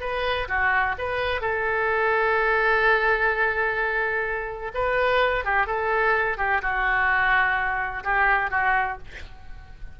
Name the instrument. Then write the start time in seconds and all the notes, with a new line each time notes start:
oboe
0.00 B4
0.48 F#4
0.98 B4
1.41 A4
4.74 B4
5.45 G4
5.66 A4
6.37 G4
6.61 F#4
8.04 G4
8.50 F#4